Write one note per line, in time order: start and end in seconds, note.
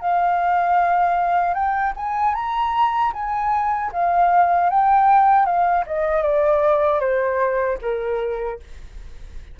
0.00 1.54 F5
1.54 1.93 G5
1.96 2.34 G#5
2.34 3.12 A#5
3.13 3.91 G#5
3.92 4.69 F5
4.69 5.45 G5
5.45 5.84 F5
5.86 6.22 D#5
6.22 7.00 D5
7.00 7.77 C5
7.81 8.59 A#4